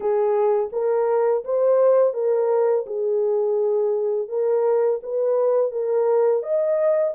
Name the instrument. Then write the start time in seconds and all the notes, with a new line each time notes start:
horn
0.00 G#4
0.72 A#4
1.44 C5
2.13 A#4
2.86 G#4
4.28 A#4
5.02 B4
5.71 A#4
6.43 D#5